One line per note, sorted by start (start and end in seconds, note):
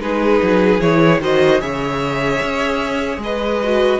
0.00 0.40 G#3
0.00 0.81 D#4
0.00 1.21 G#4
0.00 0.81 B4
0.43 0.80 F#3
0.80 1.20 E3
0.80 1.21 E4
0.80 1.21 C#5
1.20 1.60 D#3
1.20 1.60 F#4
1.20 1.61 C5
1.20 1.61 D#5
1.60 2.42 C#3
1.60 3.60 G#4
1.60 3.21 C#5
1.60 3.21 E5
2.42 3.17 C#4
3.17 3.97 G#3
3.24 4.00 B4
3.24 4.00 D#5
3.63 4.00 F#4